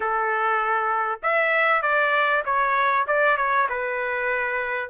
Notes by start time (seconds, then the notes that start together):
0.00 A4
1.22 E5
1.82 D5
2.45 C#5
3.07 D5
3.37 C#5
3.69 B4